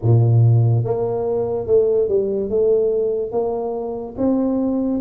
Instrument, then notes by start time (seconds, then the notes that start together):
tuba
0.02 A#2
0.84 A#3
1.67 A3
2.08 G3
2.49 A3
3.31 A#3
4.17 C4